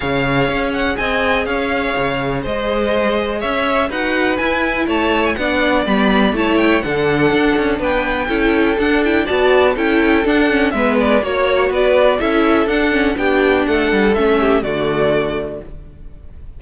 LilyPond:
<<
  \new Staff \with { instrumentName = "violin" } { \time 4/4 \tempo 4 = 123 f''4. fis''8 gis''4 f''4~ | f''4 dis''2 e''4 | fis''4 gis''4 a''8. gis''16 fis''4 | b''4 a''8 g''8 fis''2 |
g''2 fis''8 g''8 a''4 | g''4 fis''4 e''8 d''8 cis''4 | d''4 e''4 fis''4 g''4 | fis''4 e''4 d''2 | }
  \new Staff \with { instrumentName = "violin" } { \time 4/4 cis''2 dis''4 cis''4~ | cis''4 c''2 cis''4 | b'2 cis''4 d''4~ | d''4 cis''4 a'2 |
b'4 a'2 d''4 | a'2 b'4 cis''4 | b'4 a'2 g'4 | a'4. g'8 fis'2 | }
  \new Staff \with { instrumentName = "viola" } { \time 4/4 gis'1~ | gis'1 | fis'4 e'2 d'4 | b4 e'4 d'2~ |
d'4 e'4 d'8 e'8 fis'4 | e'4 d'8 cis'8 b4 fis'4~ | fis'4 e'4 d'8 cis'8 d'4~ | d'4 cis'4 a2 | }
  \new Staff \with { instrumentName = "cello" } { \time 4/4 cis4 cis'4 c'4 cis'4 | cis4 gis2 cis'4 | dis'4 e'4 a4 b4 | g4 a4 d4 d'8 cis'8 |
b4 cis'4 d'4 b4 | cis'4 d'4 gis4 ais4 | b4 cis'4 d'4 b4 | a8 g8 a4 d2 | }
>>